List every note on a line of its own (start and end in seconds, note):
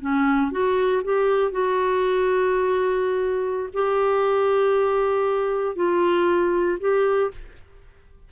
0.00 0.51 C#4
0.51 1.02 F#4
1.03 1.51 G4
1.51 3.69 F#4
3.73 5.75 G4
5.75 6.78 F4
6.79 7.31 G4